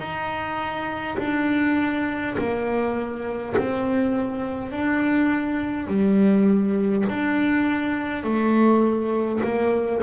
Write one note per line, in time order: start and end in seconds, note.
0.00 1.18 D#4
1.19 2.37 D4
2.39 3.56 A#3
3.58 4.72 C4
4.72 5.88 D4
5.88 7.05 G3
7.10 8.24 D4
8.24 9.42 A3
9.44 10.03 A#3